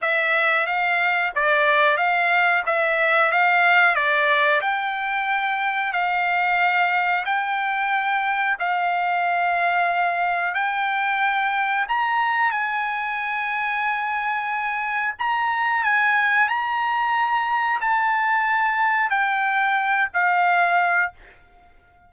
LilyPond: \new Staff \with { instrumentName = "trumpet" } { \time 4/4 \tempo 4 = 91 e''4 f''4 d''4 f''4 | e''4 f''4 d''4 g''4~ | g''4 f''2 g''4~ | g''4 f''2. |
g''2 ais''4 gis''4~ | gis''2. ais''4 | gis''4 ais''2 a''4~ | a''4 g''4. f''4. | }